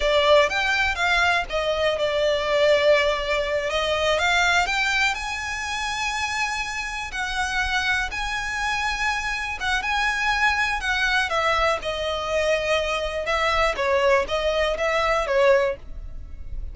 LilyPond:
\new Staff \with { instrumentName = "violin" } { \time 4/4 \tempo 4 = 122 d''4 g''4 f''4 dis''4 | d''2.~ d''8 dis''8~ | dis''8 f''4 g''4 gis''4.~ | gis''2~ gis''8 fis''4.~ |
fis''8 gis''2. fis''8 | gis''2 fis''4 e''4 | dis''2. e''4 | cis''4 dis''4 e''4 cis''4 | }